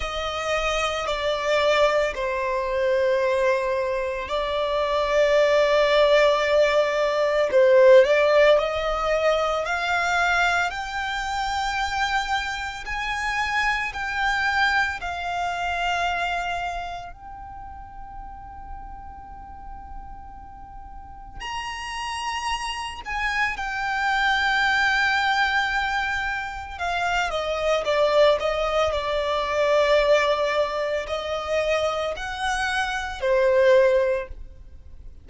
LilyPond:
\new Staff \with { instrumentName = "violin" } { \time 4/4 \tempo 4 = 56 dis''4 d''4 c''2 | d''2. c''8 d''8 | dis''4 f''4 g''2 | gis''4 g''4 f''2 |
g''1 | ais''4. gis''8 g''2~ | g''4 f''8 dis''8 d''8 dis''8 d''4~ | d''4 dis''4 fis''4 c''4 | }